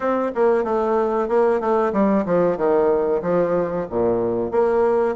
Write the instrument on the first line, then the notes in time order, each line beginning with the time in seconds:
bassoon
0.00 C4
0.34 A#3
0.64 A3
1.28 A#3
1.60 A3
1.92 G3
2.25 F3
2.57 D#3
3.22 F3
3.89 A#2
4.51 A#3